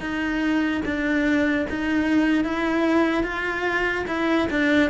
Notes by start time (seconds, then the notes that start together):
0.00 D#4
0.85 D4
1.69 D#4
2.44 E4
3.23 F4
4.07 E4
4.50 D4